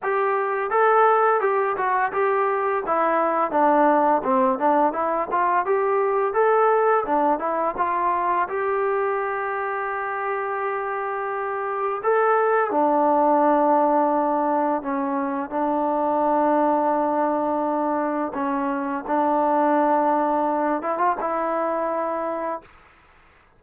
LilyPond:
\new Staff \with { instrumentName = "trombone" } { \time 4/4 \tempo 4 = 85 g'4 a'4 g'8 fis'8 g'4 | e'4 d'4 c'8 d'8 e'8 f'8 | g'4 a'4 d'8 e'8 f'4 | g'1~ |
g'4 a'4 d'2~ | d'4 cis'4 d'2~ | d'2 cis'4 d'4~ | d'4. e'16 f'16 e'2 | }